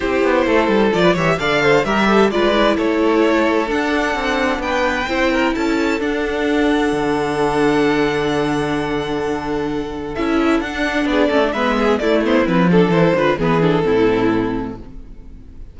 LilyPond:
<<
  \new Staff \with { instrumentName = "violin" } { \time 4/4 \tempo 4 = 130 c''2 d''8 e''8 f''4 | e''4 d''4 cis''2 | fis''2 g''2 | a''4 fis''2.~ |
fis''1~ | fis''2 e''4 fis''4 | d''4 e''4 d''8 c''8 b'8 a'8 | c''4 b'8 a'2~ a'8 | }
  \new Staff \with { instrumentName = "violin" } { \time 4/4 g'4 a'4~ a'16 b'16 cis''8 d''8 c''8 | ais'8 a'8 b'4 a'2~ | a'2 b'4 c''8 ais'8 | a'1~ |
a'1~ | a'1 | gis'8 a'8 b'8 gis'8 e'4. a'8~ | a'8 b'8 gis'4 e'2 | }
  \new Staff \with { instrumentName = "viola" } { \time 4/4 e'2 f'8 g'8 a'4 | g'4 f'8 e'2~ e'8 | d'2. e'4~ | e'4 d'2.~ |
d'1~ | d'2 e'4 d'4~ | d'8 cis'16 d'16 b4 a8 b8 c'8 d'8 | e'8 f'8 b8 d'8 c'2 | }
  \new Staff \with { instrumentName = "cello" } { \time 4/4 c'8 b8 a8 g8 f8 e8 d4 | g4 gis4 a2 | d'4 c'4 b4 c'4 | cis'4 d'2 d4~ |
d1~ | d2 cis'4 d'4 | b8 a8 gis4 a4 f4 | e8 d8 e4 a,2 | }
>>